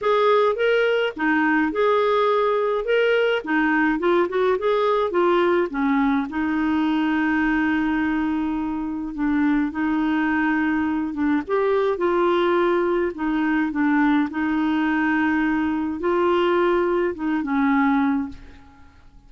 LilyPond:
\new Staff \with { instrumentName = "clarinet" } { \time 4/4 \tempo 4 = 105 gis'4 ais'4 dis'4 gis'4~ | gis'4 ais'4 dis'4 f'8 fis'8 | gis'4 f'4 cis'4 dis'4~ | dis'1 |
d'4 dis'2~ dis'8 d'8 | g'4 f'2 dis'4 | d'4 dis'2. | f'2 dis'8 cis'4. | }